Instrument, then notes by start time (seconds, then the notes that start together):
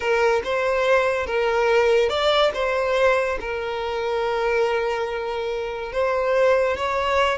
violin
0.00 A#4
0.43 C5
1.26 A#4
2.09 D5
2.54 C5
3.40 A#4
5.92 C5
6.76 C#5